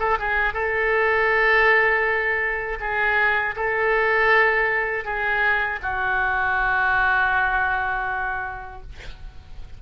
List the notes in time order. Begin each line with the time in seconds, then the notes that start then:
0.00 A4
0.19 G#4
0.54 A4
2.81 G#4
3.56 A4
5.05 G#4
5.83 F#4